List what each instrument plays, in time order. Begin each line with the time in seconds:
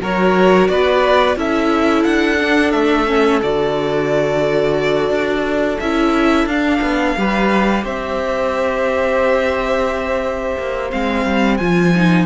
0.00 cello F#3, viola F#4, violin A#4 C#5
0.67 cello B3, violin B4 D5
1.36 cello C#4, viola E4, violin A4 E5
2.03 cello D4, violin F#5
2.39 viola D4
2.71 cello A3, violin E5
3.07 viola C#4
3.42 cello D3, viola F#4, violin D5
5.09 cello D4
5.79 cello C#4, viola E4, violin E5
6.45 cello D4, viola D4, violin F5
6.81 cello B3
7.17 cello G3, viola G4, violin B4
7.83 cello C4, violin C5 E5
10.57 cello A#3
10.90 cello G#3, viola C4, violin F5
11.25 cello G3
11.57 cello F3, viola F4, violin G#5
11.94 viola D#4